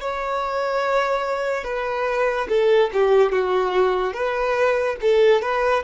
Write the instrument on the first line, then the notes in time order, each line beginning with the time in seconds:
violin
0.00 C#5
1.64 B4
2.48 A4
2.93 G4
3.32 F#4
4.13 B4
5.01 A4
5.41 B4